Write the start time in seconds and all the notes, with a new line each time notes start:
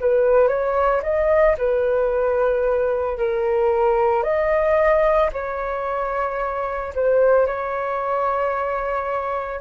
0.00 B4
0.48 C#5
1.03 D#5
1.58 B4
3.18 A#4
4.23 D#5
5.33 C#5
6.95 C5
7.47 C#5